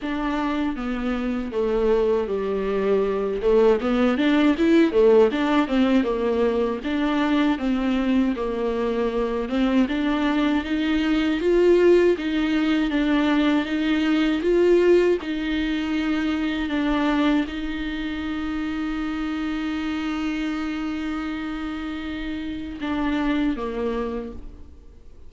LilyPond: \new Staff \with { instrumentName = "viola" } { \time 4/4 \tempo 4 = 79 d'4 b4 a4 g4~ | g8 a8 b8 d'8 e'8 a8 d'8 c'8 | ais4 d'4 c'4 ais4~ | ais8 c'8 d'4 dis'4 f'4 |
dis'4 d'4 dis'4 f'4 | dis'2 d'4 dis'4~ | dis'1~ | dis'2 d'4 ais4 | }